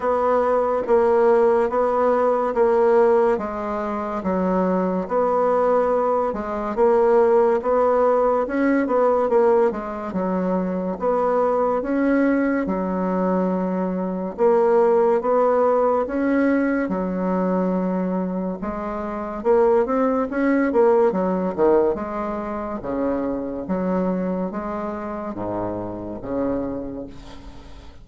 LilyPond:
\new Staff \with { instrumentName = "bassoon" } { \time 4/4 \tempo 4 = 71 b4 ais4 b4 ais4 | gis4 fis4 b4. gis8 | ais4 b4 cis'8 b8 ais8 gis8 | fis4 b4 cis'4 fis4~ |
fis4 ais4 b4 cis'4 | fis2 gis4 ais8 c'8 | cis'8 ais8 fis8 dis8 gis4 cis4 | fis4 gis4 gis,4 cis4 | }